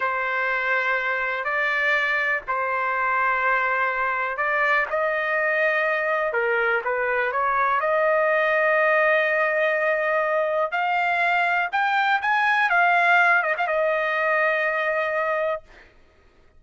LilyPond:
\new Staff \with { instrumentName = "trumpet" } { \time 4/4 \tempo 4 = 123 c''2. d''4~ | d''4 c''2.~ | c''4 d''4 dis''2~ | dis''4 ais'4 b'4 cis''4 |
dis''1~ | dis''2 f''2 | g''4 gis''4 f''4. dis''16 f''16 | dis''1 | }